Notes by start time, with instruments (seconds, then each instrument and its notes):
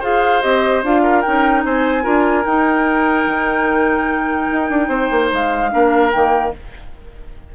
0.00 bassoon F4, clarinet G#4, oboe C5, flute F5
0.42 bassoon C4, clarinet G4, flute D#5
0.84 bassoon D4, clarinet F4, flute F5
1.03 oboe A#4
1.22 bassoon C#4, clarinet D#4, flute G5
1.65 bassoon C4, oboe C5, flute G#5
2.03 bassoon D4, clarinet F4, oboe A#4
2.45 bassoon D#4, clarinet D#4, flute G5
3.27 bassoon D#3
4.52 bassoon D#4
4.70 bassoon D4
4.88 bassoon C4, oboe C5
5.11 bassoon A#3
5.33 bassoon G#3, flute F5
5.71 bassoon A#3, clarinet D4, oboe A#4
6.11 bassoon D#3, clarinet A#3, flute G5